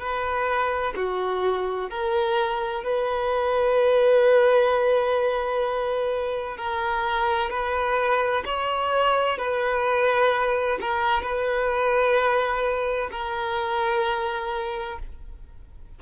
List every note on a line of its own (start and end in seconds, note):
0.00 0.94 B4
0.96 1.90 F#4
1.90 2.83 A#4
2.83 6.57 B4
6.57 7.50 A#4
7.50 8.44 B4
8.45 9.38 C#5
9.38 10.79 B4
10.81 11.22 A#4
11.22 13.10 B4
13.11 14.99 A#4